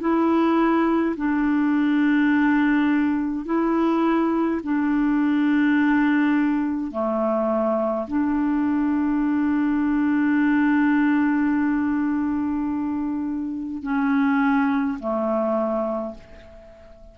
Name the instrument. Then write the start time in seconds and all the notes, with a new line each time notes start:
clarinet
0.00 E4
1.16 D4
3.45 E4
4.63 D4
6.91 A3
8.07 D4
13.83 C#4
14.99 A3